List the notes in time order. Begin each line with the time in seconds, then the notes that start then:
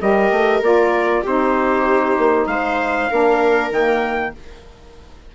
0.00 G3 G4 A#4 D#5
0.30 A3
0.61 A#3 F4 D5
1.22 C4 D#4 G4 C5
2.18 A#3
2.46 G#3 C5 F5
3.10 A#3 D4 A#4
3.70 D#3 A#3 G5